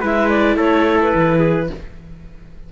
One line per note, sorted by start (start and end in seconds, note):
0.00 0.56 G#3
0.00 1.69 E4
0.00 0.56 B4
0.00 0.29 E5
0.29 0.57 D5
0.56 1.12 A3
0.56 1.39 A4
0.56 1.00 C#5
1.02 1.72 B4
1.14 1.70 E3
1.39 1.67 G#4